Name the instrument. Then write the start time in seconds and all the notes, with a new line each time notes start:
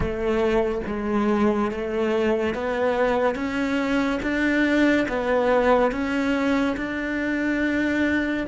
cello
0.00 A3
0.86 G#3
1.71 A3
2.54 B3
3.35 C#4
4.22 D4
5.08 B3
5.91 C#4
6.76 D4